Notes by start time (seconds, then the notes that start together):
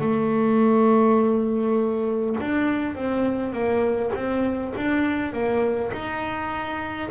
0.00 A3
2.40 D4
2.95 C4
3.53 A#3
4.14 C4
4.76 D4
5.33 A#3
5.92 D#4